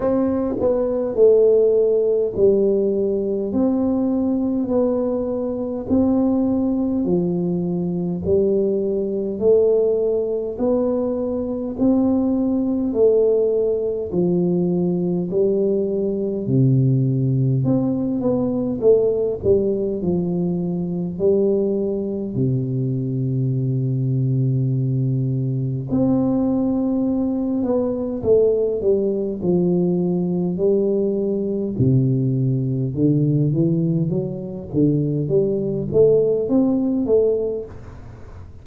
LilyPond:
\new Staff \with { instrumentName = "tuba" } { \time 4/4 \tempo 4 = 51 c'8 b8 a4 g4 c'4 | b4 c'4 f4 g4 | a4 b4 c'4 a4 | f4 g4 c4 c'8 b8 |
a8 g8 f4 g4 c4~ | c2 c'4. b8 | a8 g8 f4 g4 c4 | d8 e8 fis8 d8 g8 a8 c'8 a8 | }